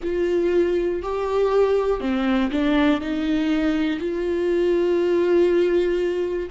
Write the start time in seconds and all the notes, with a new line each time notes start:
0.02 F4
1.02 G4
2.00 C4
2.51 D4
3.00 D#4
3.99 F4